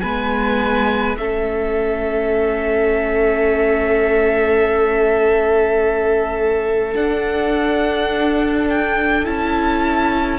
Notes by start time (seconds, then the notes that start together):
0.00 G#3 B3 B4 G#5
1.17 A3 C#4 A4 E5
6.94 D4 F#5
8.68 G5
9.24 C#4 E4 A5